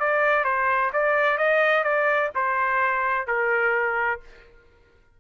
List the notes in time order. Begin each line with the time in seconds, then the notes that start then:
0.00 D5
0.45 C5
0.93 D5
1.38 D#5
1.84 D5
2.35 C5
3.27 A#4